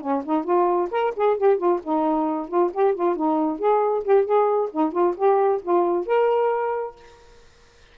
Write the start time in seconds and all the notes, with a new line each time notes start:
0.00 C#4
0.25 D#4
0.44 F4
0.90 A#4
1.16 G#4
1.37 G4
1.57 F4
1.83 D#4
2.48 F4
2.73 G4
2.94 F4
3.15 D#4
3.59 G#4
4.04 G4
4.25 G#4
4.71 D#4
4.92 F4
5.16 G4
5.62 F4
6.06 A#4